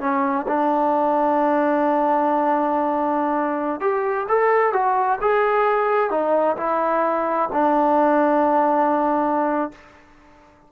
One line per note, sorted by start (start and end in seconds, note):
0.00 0.46 C#4
0.48 3.81 D4
3.81 4.27 G4
4.29 4.73 A4
4.73 5.19 F#4
5.21 6.10 G#4
6.10 6.57 D#4
6.57 7.49 E4
7.52 9.72 D4